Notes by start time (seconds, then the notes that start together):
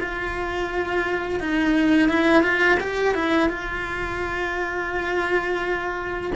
0.00 F4
1.40 D#4
2.09 E4
2.43 F4
2.80 G4
3.15 E4
3.50 F4